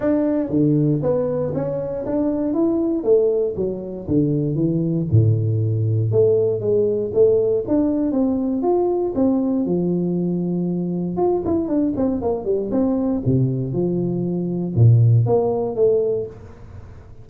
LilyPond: \new Staff \with { instrumentName = "tuba" } { \time 4/4 \tempo 4 = 118 d'4 d4 b4 cis'4 | d'4 e'4 a4 fis4 | d4 e4 a,2 | a4 gis4 a4 d'4 |
c'4 f'4 c'4 f4~ | f2 f'8 e'8 d'8 c'8 | ais8 g8 c'4 c4 f4~ | f4 ais,4 ais4 a4 | }